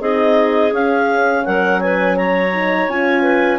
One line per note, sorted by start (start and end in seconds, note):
0.00 0.71 C4
0.00 0.73 D#4
0.00 1.43 G#4
0.00 0.73 D#5
0.71 1.43 C#4
0.71 2.52 C#4
0.71 1.45 F5
1.45 2.88 F#3
1.45 1.81 A#4
1.45 1.81 F#5
1.81 2.16 B4
1.81 2.16 G#5
2.16 3.22 C#5
2.16 2.88 A#5
2.53 2.89 D#4
2.88 3.59 C#4
2.88 3.59 F4
2.88 3.59 G#5
3.22 3.58 B4